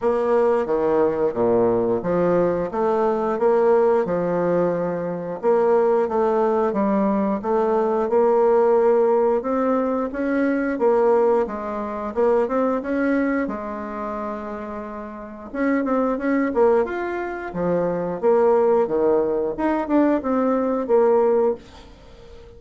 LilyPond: \new Staff \with { instrumentName = "bassoon" } { \time 4/4 \tempo 4 = 89 ais4 dis4 ais,4 f4 | a4 ais4 f2 | ais4 a4 g4 a4 | ais2 c'4 cis'4 |
ais4 gis4 ais8 c'8 cis'4 | gis2. cis'8 c'8 | cis'8 ais8 f'4 f4 ais4 | dis4 dis'8 d'8 c'4 ais4 | }